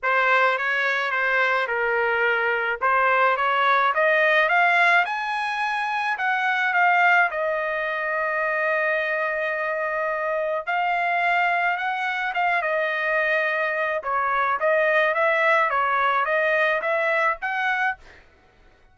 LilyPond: \new Staff \with { instrumentName = "trumpet" } { \time 4/4 \tempo 4 = 107 c''4 cis''4 c''4 ais'4~ | ais'4 c''4 cis''4 dis''4 | f''4 gis''2 fis''4 | f''4 dis''2.~ |
dis''2. f''4~ | f''4 fis''4 f''8 dis''4.~ | dis''4 cis''4 dis''4 e''4 | cis''4 dis''4 e''4 fis''4 | }